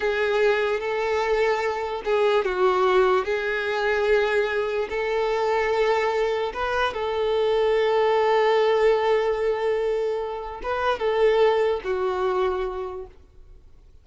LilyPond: \new Staff \with { instrumentName = "violin" } { \time 4/4 \tempo 4 = 147 gis'2 a'2~ | a'4 gis'4 fis'2 | gis'1 | a'1 |
b'4 a'2.~ | a'1~ | a'2 b'4 a'4~ | a'4 fis'2. | }